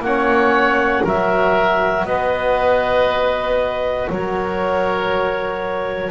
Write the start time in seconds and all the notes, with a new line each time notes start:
0.00 A#3 C#4 C#5 F#5
1.04 F#3 F#4 A#4 E5
2.05 B3 B4 D#5
4.10 F#3 A#4 C#5